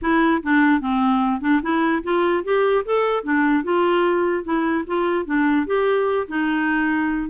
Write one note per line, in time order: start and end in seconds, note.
0.01 0.42 E4
0.42 0.80 D4
0.80 1.41 C4
1.41 1.61 D4
1.62 2.03 E4
2.03 2.43 F4
2.44 2.84 G4
2.85 3.23 A4
3.23 3.63 D4
3.63 4.44 F4
4.44 4.84 E4
4.86 5.25 F4
5.25 5.66 D4
5.66 6.27 G4
6.28 7.29 D#4